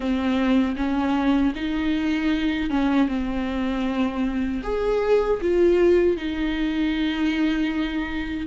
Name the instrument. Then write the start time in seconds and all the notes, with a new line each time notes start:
viola
0.00 C4
0.76 C#4
1.55 D#4
2.70 C#4
3.08 C4
4.63 G#4
5.41 F4
6.16 D#4